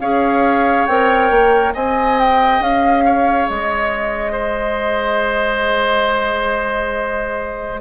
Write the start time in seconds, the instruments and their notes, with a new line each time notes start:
0.00 bassoon C#4, clarinet G#4, oboe C#5, flute F5
0.86 bassoon C4, clarinet A#4, flute G5
1.31 bassoon A#3
1.74 bassoon C4, clarinet G#4, oboe D#5, flute G#5
2.19 flute G5
2.60 bassoon C#4, flute F5
3.05 oboe C#5
3.48 bassoon G#3, flute D#5
4.32 oboe C5